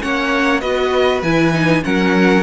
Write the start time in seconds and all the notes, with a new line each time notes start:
0.00 A#3 C#4 C#5 F#5
0.60 B3 F#4 B4 D#5
1.22 E3 E4 G#5
1.52 D#4
1.82 F#3 C#4 A#4 F#5